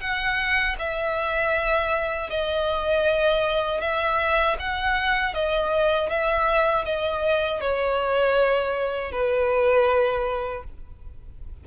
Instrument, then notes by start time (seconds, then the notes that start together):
violin
0.00 F#5
0.79 E5
2.30 D#5
3.81 E5
4.59 F#5
5.34 D#5
6.10 E5
6.85 D#5
7.61 C#5
9.12 B4